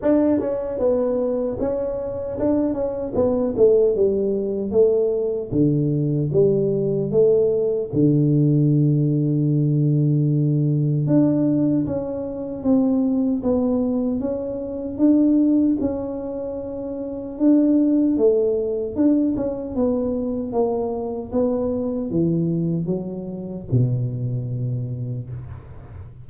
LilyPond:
\new Staff \with { instrumentName = "tuba" } { \time 4/4 \tempo 4 = 76 d'8 cis'8 b4 cis'4 d'8 cis'8 | b8 a8 g4 a4 d4 | g4 a4 d2~ | d2 d'4 cis'4 |
c'4 b4 cis'4 d'4 | cis'2 d'4 a4 | d'8 cis'8 b4 ais4 b4 | e4 fis4 b,2 | }